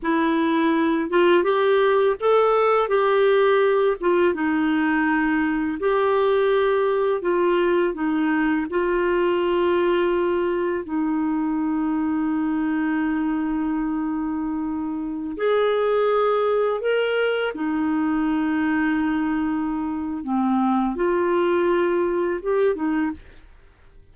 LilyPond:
\new Staff \with { instrumentName = "clarinet" } { \time 4/4 \tempo 4 = 83 e'4. f'8 g'4 a'4 | g'4. f'8 dis'2 | g'2 f'4 dis'4 | f'2. dis'4~ |
dis'1~ | dis'4~ dis'16 gis'2 ais'8.~ | ais'16 dis'2.~ dis'8. | c'4 f'2 g'8 dis'8 | }